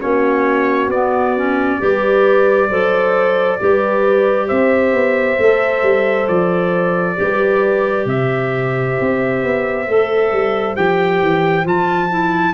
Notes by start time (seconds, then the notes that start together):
0.00 A#3 C#4 F#4 C#5
0.87 B3 D5
1.37 C#4
1.79 G3 G4 B4
2.69 F#3 A4 C5
3.60 G3 G4 B4
4.47 C4 C5 E5
4.93 B3
5.38 A3 A4
5.82 G3
6.28 F3 D5
7.16 G3 G4 B4
8.05 C3 C5 E5
9.00 C4
9.43 B3
9.87 A3 A4
10.32 G3
10.76 F3 G4 G5
11.21 E3
11.64 F3 F4 A5
12.09 E4